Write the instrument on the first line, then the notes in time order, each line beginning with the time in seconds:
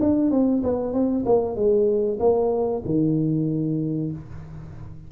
tuba
0.00 D4
0.31 C4
0.63 B3
0.93 C4
1.26 A#3
1.55 G#3
2.19 A#3
2.85 D#3